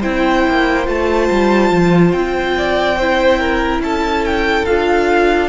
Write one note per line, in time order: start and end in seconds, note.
0.00 0.46 C4
0.00 0.86 E4
0.00 2.54 C5
0.00 0.87 G5
0.47 0.87 A#3
0.86 1.29 A3
0.86 2.97 F4
0.86 2.12 A5
1.31 1.70 G3
1.70 2.13 F3
2.12 3.79 C4
2.12 3.81 G5
2.57 2.98 D5
2.98 4.67 E4
2.98 3.39 C5
3.39 3.82 A#4
3.79 4.64 C#4
3.79 5.49 A4
3.79 4.25 A5
4.25 4.65 G5
4.65 5.49 D4
4.65 5.49 F4
4.65 5.49 F5